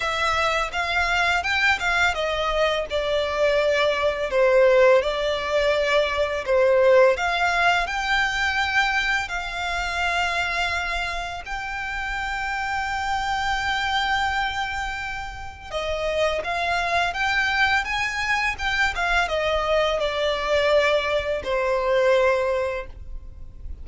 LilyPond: \new Staff \with { instrumentName = "violin" } { \time 4/4 \tempo 4 = 84 e''4 f''4 g''8 f''8 dis''4 | d''2 c''4 d''4~ | d''4 c''4 f''4 g''4~ | g''4 f''2. |
g''1~ | g''2 dis''4 f''4 | g''4 gis''4 g''8 f''8 dis''4 | d''2 c''2 | }